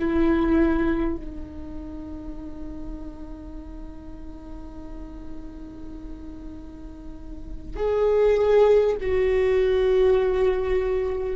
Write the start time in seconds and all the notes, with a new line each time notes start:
0.00 E4
1.17 D#4
7.77 G#4
9.01 F#4